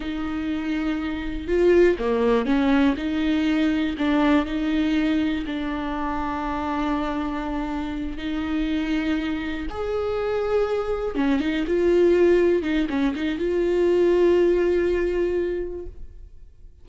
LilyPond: \new Staff \with { instrumentName = "viola" } { \time 4/4 \tempo 4 = 121 dis'2. f'4 | ais4 cis'4 dis'2 | d'4 dis'2 d'4~ | d'1~ |
d'8 dis'2. gis'8~ | gis'2~ gis'8 cis'8 dis'8 f'8~ | f'4. dis'8 cis'8 dis'8 f'4~ | f'1 | }